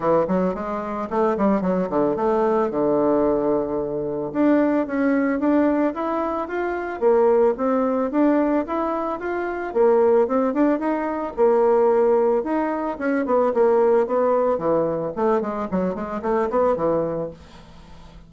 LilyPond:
\new Staff \with { instrumentName = "bassoon" } { \time 4/4 \tempo 4 = 111 e8 fis8 gis4 a8 g8 fis8 d8 | a4 d2. | d'4 cis'4 d'4 e'4 | f'4 ais4 c'4 d'4 |
e'4 f'4 ais4 c'8 d'8 | dis'4 ais2 dis'4 | cis'8 b8 ais4 b4 e4 | a8 gis8 fis8 gis8 a8 b8 e4 | }